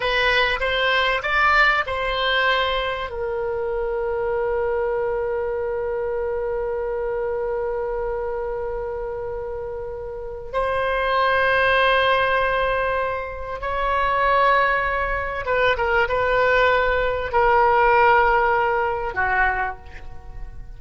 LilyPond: \new Staff \with { instrumentName = "oboe" } { \time 4/4 \tempo 4 = 97 b'4 c''4 d''4 c''4~ | c''4 ais'2.~ | ais'1~ | ais'1~ |
ais'4 c''2.~ | c''2 cis''2~ | cis''4 b'8 ais'8 b'2 | ais'2. fis'4 | }